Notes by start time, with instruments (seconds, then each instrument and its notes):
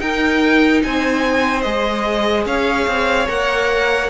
0.00 viola D#4, cello D#4, violin A#4 G5
0.83 cello C4, violin C5 G#5
1.62 cello G#3, viola G#4, violin D#5
2.46 cello C#4, violin C#5 F5
2.87 cello C4
3.28 cello A#3, viola A#4, violin F#5